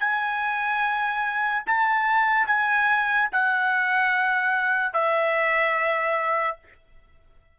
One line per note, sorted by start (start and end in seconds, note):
0.00 1.64 G#5
1.67 2.47 A5
2.47 3.30 G#5
3.32 4.94 F#5
4.94 6.58 E5